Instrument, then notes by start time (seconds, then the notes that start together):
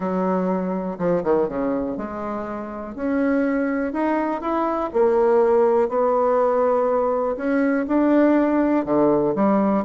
bassoon
0.00 F#3
0.98 F3
1.23 D#3
1.48 C#3
1.97 G#3
2.95 C#4
3.92 D#4
4.41 E4
4.93 A#3
5.89 B3
7.36 C#4
7.87 D4
8.85 D3
9.35 G3